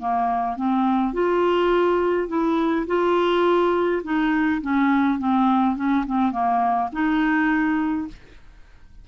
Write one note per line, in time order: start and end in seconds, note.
0.00 0.57 A#3
0.57 1.14 C4
1.14 2.28 F4
2.28 2.86 E4
2.87 4.03 F4
4.04 4.62 D#4
4.62 5.19 C#4
5.19 5.76 C4
5.76 6.05 C#4
6.07 6.32 C4
6.32 6.90 A#3
6.93 8.08 D#4